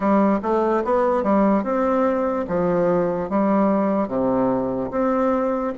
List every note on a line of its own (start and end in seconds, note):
0.00 0.39 G3
0.42 0.83 A3
0.84 1.23 B3
1.23 1.63 G3
1.63 2.45 C4
2.47 3.29 F3
3.29 4.08 G3
4.08 4.90 C3
4.91 5.73 C4